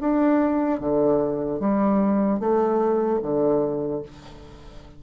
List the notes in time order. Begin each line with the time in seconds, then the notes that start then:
0.00 D4
0.80 D3
1.59 G3
2.39 A3
3.22 D3